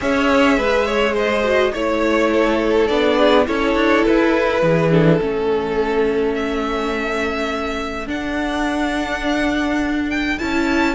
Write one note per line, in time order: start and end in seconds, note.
0.00 0.58 C#4
0.00 1.42 G#4
0.00 0.57 C#5
0.00 1.16 E5
0.57 1.73 G#3
0.57 0.86 B4
0.86 1.13 C#5
1.13 1.71 C5
1.13 1.74 D#5
1.42 1.71 F#4
1.73 2.89 A3
1.73 2.89 E4
1.73 2.30 C#5
1.73 2.87 C#5
2.31 3.17 A4
2.87 3.47 B3
2.87 3.46 D4
2.87 3.44 D5
3.17 3.46 G#4
3.46 3.75 C#4
3.46 4.90 E4
3.46 4.62 A4
3.46 4.05 C#5
3.75 4.03 D4
4.05 4.62 E4
4.05 4.91 B4
4.62 5.20 E3
4.62 5.19 G#4
4.90 5.19 D4
4.90 6.34 A4
5.19 8.07 A3
5.19 8.06 C#4
5.19 10.95 A4
6.34 8.07 E5
8.06 10.37 D4
8.06 10.38 D4
8.06 10.09 F#5
10.09 10.38 G5
10.38 10.95 C#4
10.38 10.95 E4
10.38 10.95 A5